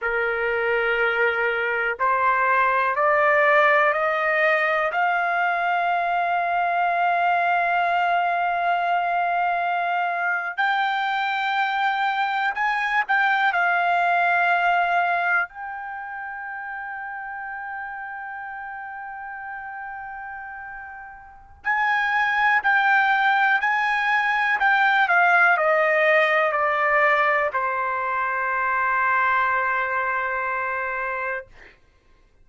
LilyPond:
\new Staff \with { instrumentName = "trumpet" } { \time 4/4 \tempo 4 = 61 ais'2 c''4 d''4 | dis''4 f''2.~ | f''2~ f''8. g''4~ g''16~ | g''8. gis''8 g''8 f''2 g''16~ |
g''1~ | g''2 gis''4 g''4 | gis''4 g''8 f''8 dis''4 d''4 | c''1 | }